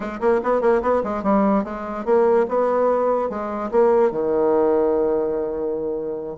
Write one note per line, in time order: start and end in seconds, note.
0.00 0.20 G#3
0.20 0.40 A#3
0.43 0.61 B3
0.61 0.81 A#3
0.81 1.02 B3
1.03 1.23 G#3
1.23 1.64 G3
1.64 2.05 G#3
2.05 2.46 A#3
2.48 3.29 B3
3.29 3.70 G#3
3.71 4.11 A#3
4.11 6.37 D#3